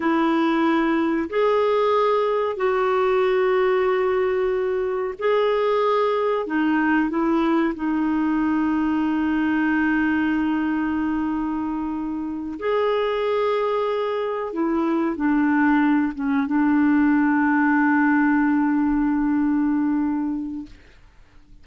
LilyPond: \new Staff \with { instrumentName = "clarinet" } { \time 4/4 \tempo 4 = 93 e'2 gis'2 | fis'1 | gis'2 dis'4 e'4 | dis'1~ |
dis'2.~ dis'8 gis'8~ | gis'2~ gis'8 e'4 d'8~ | d'4 cis'8 d'2~ d'8~ | d'1 | }